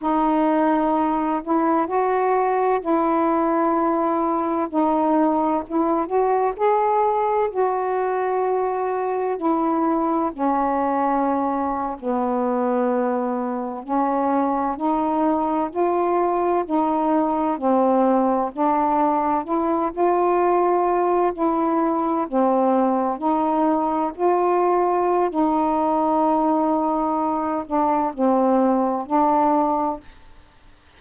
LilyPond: \new Staff \with { instrumentName = "saxophone" } { \time 4/4 \tempo 4 = 64 dis'4. e'8 fis'4 e'4~ | e'4 dis'4 e'8 fis'8 gis'4 | fis'2 e'4 cis'4~ | cis'8. b2 cis'4 dis'16~ |
dis'8. f'4 dis'4 c'4 d'16~ | d'8. e'8 f'4. e'4 c'16~ | c'8. dis'4 f'4~ f'16 dis'4~ | dis'4. d'8 c'4 d'4 | }